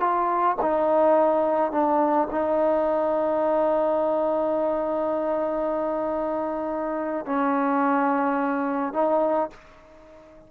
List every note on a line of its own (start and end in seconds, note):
0.00 0.57 F4
0.62 1.72 D#4
1.72 2.28 D4
2.31 7.26 D#4
7.26 8.94 C#4
8.94 9.50 D#4